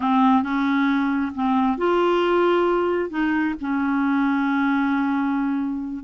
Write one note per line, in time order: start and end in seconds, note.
0.00 0.42 C4
0.42 1.32 C#4
1.34 1.77 C4
1.77 3.10 F4
3.10 3.54 D#4
3.60 6.03 C#4